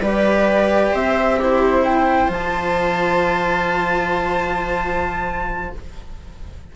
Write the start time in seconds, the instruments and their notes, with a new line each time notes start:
0.00 bassoon G3, cello G4, viola B4, flute D5
0.92 bassoon C4, viola C5, flute E5
1.37 cello E4, viola G4, flute C5
1.83 viola C5, flute G5
2.28 bassoon F3, cello F4, flute A5